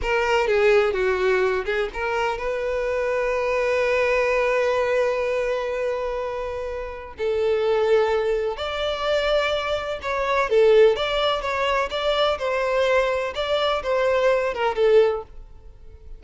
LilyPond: \new Staff \with { instrumentName = "violin" } { \time 4/4 \tempo 4 = 126 ais'4 gis'4 fis'4. gis'8 | ais'4 b'2.~ | b'1~ | b'2. a'4~ |
a'2 d''2~ | d''4 cis''4 a'4 d''4 | cis''4 d''4 c''2 | d''4 c''4. ais'8 a'4 | }